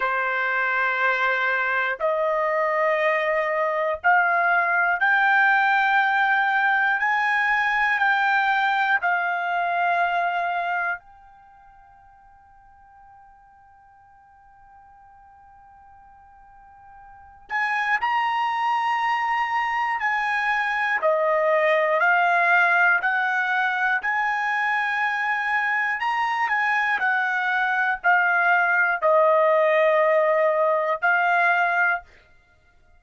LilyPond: \new Staff \with { instrumentName = "trumpet" } { \time 4/4 \tempo 4 = 60 c''2 dis''2 | f''4 g''2 gis''4 | g''4 f''2 g''4~ | g''1~ |
g''4. gis''8 ais''2 | gis''4 dis''4 f''4 fis''4 | gis''2 ais''8 gis''8 fis''4 | f''4 dis''2 f''4 | }